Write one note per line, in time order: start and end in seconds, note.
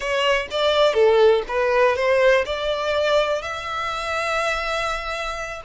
0.00 0.47 C#5
0.50 0.93 D5
0.93 1.42 A4
1.48 1.95 B4
1.95 2.44 C5
2.45 3.42 D5
3.42 5.61 E5